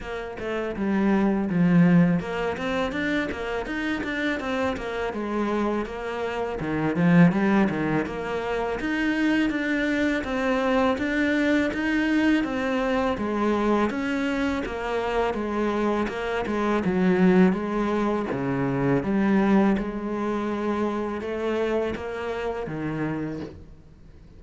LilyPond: \new Staff \with { instrumentName = "cello" } { \time 4/4 \tempo 4 = 82 ais8 a8 g4 f4 ais8 c'8 | d'8 ais8 dis'8 d'8 c'8 ais8 gis4 | ais4 dis8 f8 g8 dis8 ais4 | dis'4 d'4 c'4 d'4 |
dis'4 c'4 gis4 cis'4 | ais4 gis4 ais8 gis8 fis4 | gis4 cis4 g4 gis4~ | gis4 a4 ais4 dis4 | }